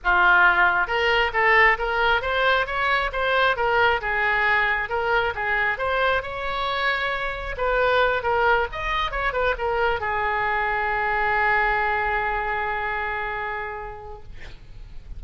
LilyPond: \new Staff \with { instrumentName = "oboe" } { \time 4/4 \tempo 4 = 135 f'2 ais'4 a'4 | ais'4 c''4 cis''4 c''4 | ais'4 gis'2 ais'4 | gis'4 c''4 cis''2~ |
cis''4 b'4. ais'4 dis''8~ | dis''8 cis''8 b'8 ais'4 gis'4.~ | gis'1~ | gis'1 | }